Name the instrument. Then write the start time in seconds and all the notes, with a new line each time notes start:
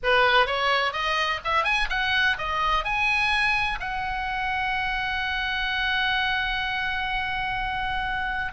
oboe
0.03 B4
0.46 C#5
0.92 D#5
1.44 E5
1.64 G#5
1.89 F#5
2.38 D#5
2.84 G#5
3.79 F#5